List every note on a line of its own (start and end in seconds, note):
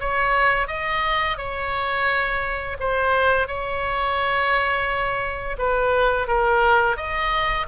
0.00 0.67 C#5
0.67 1.37 D#5
1.37 2.77 C#5
2.79 3.47 C5
3.47 5.56 C#5
5.58 6.27 B4
6.27 6.96 A#4
6.96 7.66 D#5